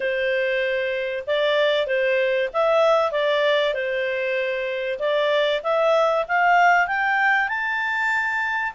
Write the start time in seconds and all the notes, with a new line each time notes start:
0.00 C5
1.27 D5
1.86 C5
2.53 E5
3.11 D5
3.74 C5
4.99 D5
5.63 E5
6.28 F5
6.87 G5
7.48 A5